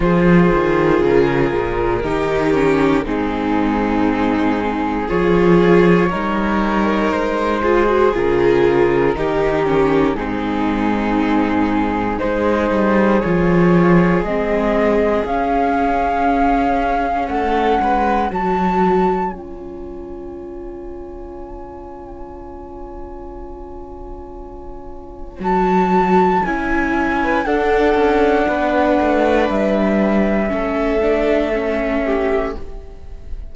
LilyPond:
<<
  \new Staff \with { instrumentName = "flute" } { \time 4/4 \tempo 4 = 59 c''4 ais'2 gis'4~ | gis'4 cis''2 c''4 | ais'2 gis'2 | c''4 cis''4 dis''4 f''4~ |
f''4 fis''4 a''4 gis''4~ | gis''1~ | gis''4 a''4 gis''4 fis''4~ | fis''4 e''2. | }
  \new Staff \with { instrumentName = "violin" } { \time 4/4 gis'2 g'4 dis'4~ | dis'4 gis'4 ais'4. gis'8~ | gis'4 g'4 dis'2 | gis'1~ |
gis'4 a'8 b'8 cis''2~ | cis''1~ | cis''2~ cis''8. b'16 a'4 | b'2 a'4. g'8 | }
  \new Staff \with { instrumentName = "viola" } { \time 4/4 f'2 dis'8 cis'8 c'4~ | c'4 f'4 dis'4. f'16 fis'16 | f'4 dis'8 cis'8 c'2 | dis'4 f'4 c'4 cis'4~ |
cis'2 fis'4 f'4~ | f'1~ | f'4 fis'4 e'4 d'4~ | d'2 cis'8 d'8 cis'4 | }
  \new Staff \with { instrumentName = "cello" } { \time 4/4 f8 dis8 cis8 ais,8 dis4 gis,4~ | gis,4 f4 g4 gis4 | cis4 dis4 gis,2 | gis8 g8 f4 gis4 cis'4~ |
cis'4 a8 gis8 fis4 cis'4~ | cis'1~ | cis'4 fis4 cis'4 d'8 cis'8 | b8 a8 g4 a2 | }
>>